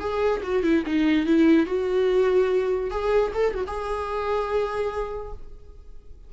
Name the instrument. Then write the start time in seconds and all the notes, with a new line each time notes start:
viola
0.00 G#4
0.43 F#4
0.63 E4
0.86 D#4
1.26 E4
1.66 F#4
2.91 G#4
3.34 A4
3.54 F#4
3.67 G#4